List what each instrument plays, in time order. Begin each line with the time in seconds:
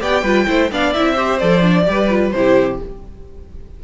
0.00 cello B3, viola G4, violin D5 G5
0.22 cello G3, viola F4, violin B4
0.46 cello A3, viola E4, violin C5
0.71 cello B3, viola D4, violin D5 F5
0.93 cello C4, viola E4, violin E5
1.13 viola G4, violin C5
1.38 cello F3, viola A4, violin D5
1.62 viola D4
1.85 cello G3, viola G4, violin B4
2.09 viola F4
2.31 cello C3, viola E4, violin C5
2.37 violin G4